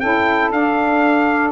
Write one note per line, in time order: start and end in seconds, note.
0.00 0.52 C#4
0.00 0.52 E4
0.00 1.52 A4
0.00 0.51 G5
0.52 1.52 D4
0.52 1.52 F5